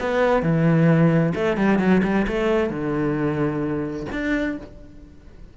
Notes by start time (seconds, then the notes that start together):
0.00 B3
0.43 E3
1.35 A3
1.57 G3
1.79 F#3
2.04 G3
2.28 A3
2.70 D3
4.12 D4